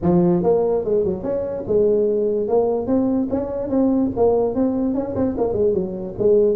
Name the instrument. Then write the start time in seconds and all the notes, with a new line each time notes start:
tuba
0.01 F3
0.43 A#3
0.84 G#3
1.04 F#3
1.23 C#4
1.67 G#3
2.48 A#3
2.87 C4
3.30 C#4
3.69 C4
4.16 A#3
4.54 C4
4.94 C#4
5.15 C4
5.37 A#3
5.53 G#3
5.73 F#3
6.18 G#3